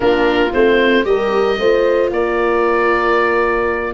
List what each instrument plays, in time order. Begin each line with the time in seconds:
0.00 tuba A#3, viola D4, horn F4, oboe A#4
0.53 tuba A3, viola C4, oboe C5
1.04 tuba G3, viola G4, horn A#4, oboe D#5
1.58 tuba A3, viola F4, horn C5
2.10 tuba A#3, horn A#4, oboe D5